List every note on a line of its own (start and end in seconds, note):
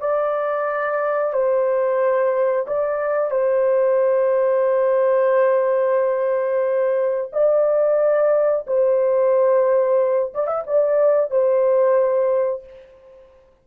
0.00 1.33 D5
1.33 2.67 C5
2.67 3.31 D5
3.31 7.31 C5
7.33 8.66 D5
8.67 10.34 C5
10.34 10.47 D5
10.47 10.64 E5
10.67 11.31 D5
11.31 12.64 C5